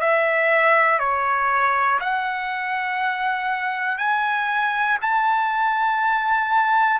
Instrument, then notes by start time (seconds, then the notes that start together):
trumpet
0.00 E5
0.99 C#5
2.00 F#5
3.98 G#5
5.01 A5